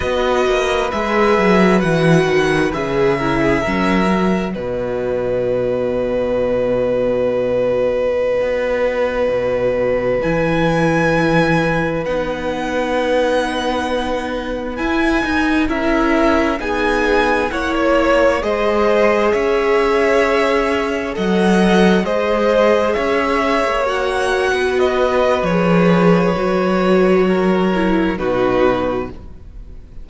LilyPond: <<
  \new Staff \with { instrumentName = "violin" } { \time 4/4 \tempo 4 = 66 dis''4 e''4 fis''4 e''4~ | e''4 dis''2.~ | dis''2.~ dis''16 gis''8.~ | gis''4~ gis''16 fis''2~ fis''8.~ |
fis''16 gis''4 e''4 gis''4 fis''16 cis''8~ | cis''16 dis''4 e''2 fis''8.~ | fis''16 dis''4 e''4 fis''4 dis''8. | cis''2. b'4 | }
  \new Staff \with { instrumentName = "violin" } { \time 4/4 b'2.~ b'8 ais'16 gis'16 | ais'4 b'2.~ | b'1~ | b'1~ |
b'4~ b'16 ais'4 gis'4 cis''8.~ | cis''16 c''4 cis''2 dis''8.~ | dis''16 c''4 cis''4.~ cis''16 b'4~ | b'2 ais'4 fis'4 | }
  \new Staff \with { instrumentName = "viola" } { \time 4/4 fis'4 gis'4 fis'4 gis'8 e'8 | cis'8 fis'2.~ fis'8~ | fis'2.~ fis'16 e'8.~ | e'4~ e'16 dis'2~ dis'8.~ |
dis'16 e'8 dis'8 e'4 dis'4 e'8.~ | e'16 gis'2. a'8.~ | a'16 gis'2 fis'4.~ fis'16 | gis'4 fis'4. e'8 dis'4 | }
  \new Staff \with { instrumentName = "cello" } { \time 4/4 b8 ais8 gis8 fis8 e8 dis8 cis4 | fis4 b,2.~ | b,4~ b,16 b4 b,4 e8.~ | e4~ e16 b2~ b8.~ |
b16 e'8 dis'8 cis'4 b4 ais8.~ | ais16 gis4 cis'2 fis8.~ | fis16 gis4 cis'8. ais4 b4 | f4 fis2 b,4 | }
>>